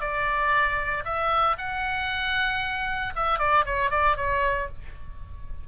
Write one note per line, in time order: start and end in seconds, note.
0.00 1.03 D5
1.04 1.56 E5
1.58 3.13 F#5
3.15 3.39 E5
3.39 3.64 D5
3.65 3.90 C#5
3.90 4.16 D5
4.16 4.68 C#5